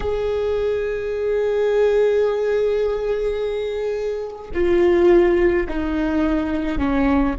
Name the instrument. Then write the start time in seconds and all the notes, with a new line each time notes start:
viola
0.00 G#4
4.54 F4
5.68 D#4
6.78 C#4